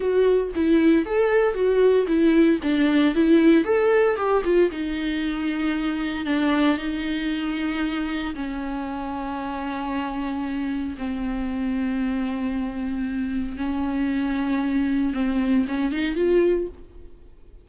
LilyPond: \new Staff \with { instrumentName = "viola" } { \time 4/4 \tempo 4 = 115 fis'4 e'4 a'4 fis'4 | e'4 d'4 e'4 a'4 | g'8 f'8 dis'2. | d'4 dis'2. |
cis'1~ | cis'4 c'2.~ | c'2 cis'2~ | cis'4 c'4 cis'8 dis'8 f'4 | }